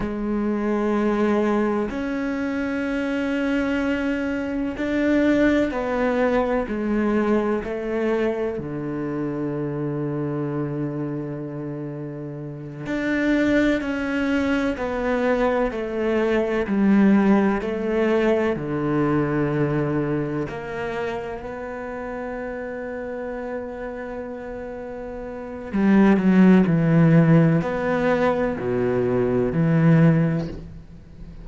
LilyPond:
\new Staff \with { instrumentName = "cello" } { \time 4/4 \tempo 4 = 63 gis2 cis'2~ | cis'4 d'4 b4 gis4 | a4 d2.~ | d4. d'4 cis'4 b8~ |
b8 a4 g4 a4 d8~ | d4. ais4 b4.~ | b2. g8 fis8 | e4 b4 b,4 e4 | }